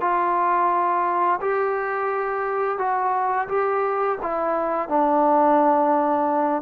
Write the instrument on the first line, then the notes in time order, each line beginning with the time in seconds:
trombone
0.00 F4
1.40 G4
2.78 F#4
3.48 G4
4.22 E4
4.88 D4